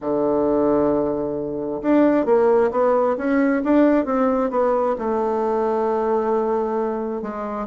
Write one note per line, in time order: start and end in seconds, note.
0.01 1.81 D3
1.81 2.25 D4
2.25 2.70 A#3
2.71 3.16 B3
3.17 3.62 C#4
3.64 4.05 D4
4.05 4.50 C4
4.50 4.95 B3
4.98 7.22 A3
7.22 7.67 G#3